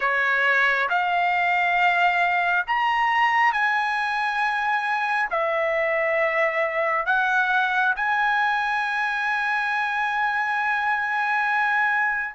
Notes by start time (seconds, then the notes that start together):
0.00 C#5
0.89 F5
2.67 A#5
3.52 G#5
5.30 E5
7.06 F#5
7.96 G#5